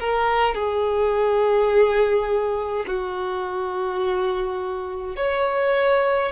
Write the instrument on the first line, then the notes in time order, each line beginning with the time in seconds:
violin
0.00 A#4
0.55 G#4
2.87 F#4
5.17 C#5